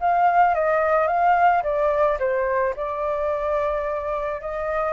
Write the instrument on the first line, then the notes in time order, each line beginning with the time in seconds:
flute
0.00 F5
0.55 D#5
1.08 F5
1.63 D5
2.19 C5
2.76 D5
4.41 D#5